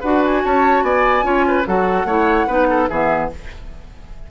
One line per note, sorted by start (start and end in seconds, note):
0.00 0.44 D4
0.00 1.23 F#4
0.00 0.41 B4
0.00 0.22 F#5
0.24 0.45 G#5
0.44 0.82 C#4
0.44 0.84 C#5
0.44 0.83 A5
0.82 1.23 B3
0.82 1.25 D5
0.82 1.65 G#5
1.23 1.64 C#4
1.23 1.64 F4
1.23 1.45 C#5
1.47 1.67 B4
1.67 2.05 F#3
1.67 2.08 F#4
1.67 2.07 A4
1.67 2.89 F#5
2.05 2.46 A3
2.05 2.48 E4
2.05 2.47 C#5
2.47 2.89 B3
2.47 2.89 D#4
2.47 2.67 B4
2.70 2.89 A4
2.89 3.31 E3
2.89 3.31 B3
2.89 3.30 G#4
2.89 3.30 E5